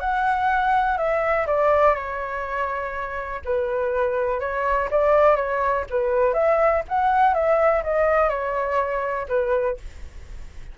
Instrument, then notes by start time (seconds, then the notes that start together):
flute
0.00 F#5
0.98 E5
1.47 D5
1.95 C#5
3.45 B4
4.40 C#5
4.91 D5
5.36 C#5
5.90 B4
6.34 E5
6.88 F#5
7.34 E5
7.84 D#5
8.29 C#5
9.29 B4